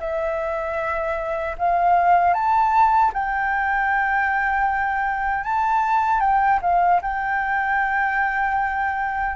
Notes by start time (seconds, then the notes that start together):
0.00 E5
1.58 F5
2.34 A5
3.13 G5
5.44 A5
6.20 G5
6.62 F5
7.02 G5